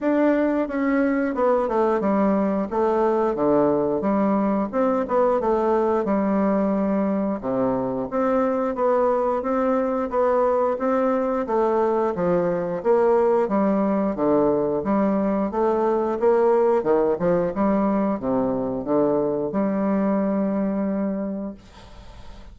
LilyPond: \new Staff \with { instrumentName = "bassoon" } { \time 4/4 \tempo 4 = 89 d'4 cis'4 b8 a8 g4 | a4 d4 g4 c'8 b8 | a4 g2 c4 | c'4 b4 c'4 b4 |
c'4 a4 f4 ais4 | g4 d4 g4 a4 | ais4 dis8 f8 g4 c4 | d4 g2. | }